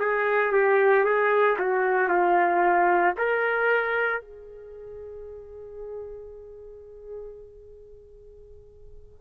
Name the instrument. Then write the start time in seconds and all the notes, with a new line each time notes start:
trumpet
0.00 G#4
0.53 G4
1.05 G#4
1.59 F#4
2.09 F4
3.18 A#4
4.22 G#4